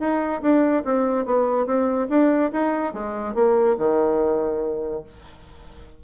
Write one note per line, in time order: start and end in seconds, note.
0.00 0.42 D#4
0.42 0.84 D4
0.85 1.26 C4
1.26 1.67 B3
1.67 2.08 C4
2.10 2.52 D4
2.53 2.94 D#4
2.94 3.35 G#3
3.35 3.77 A#3
3.79 5.04 D#3